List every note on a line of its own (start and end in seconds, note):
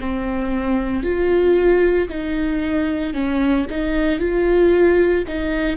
0.00 1.03 C4
1.03 2.09 F4
2.09 3.13 D#4
3.13 3.66 C#4
3.70 4.19 D#4
4.19 5.24 F4
5.27 5.77 D#4